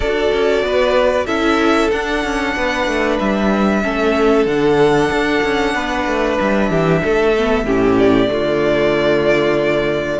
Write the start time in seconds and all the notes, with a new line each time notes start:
0.00 D4 F#4 A4 D5
0.32 C#4
0.62 B3 B4
1.26 C#4 E4 A4 E5
1.90 D4 F#5
2.24 C#4
2.56 B3 B4
2.87 A3
3.19 G3 E5
3.82 A3 C#4 A4
4.46 D3 D4 F#5
5.11 D4
5.43 C#4
5.74 B3 B4
6.06 A3
6.39 G3 E5
6.69 E3 G4
7.02 A3 A4
7.37 B3
7.63 A2 C#4 G4
7.98 D5
8.28 D3 A3 F4